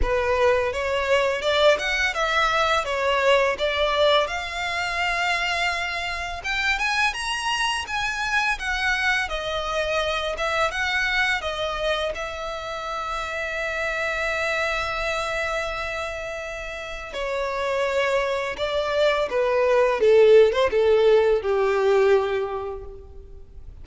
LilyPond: \new Staff \with { instrumentName = "violin" } { \time 4/4 \tempo 4 = 84 b'4 cis''4 d''8 fis''8 e''4 | cis''4 d''4 f''2~ | f''4 g''8 gis''8 ais''4 gis''4 | fis''4 dis''4. e''8 fis''4 |
dis''4 e''2.~ | e''1 | cis''2 d''4 b'4 | a'8. c''16 a'4 g'2 | }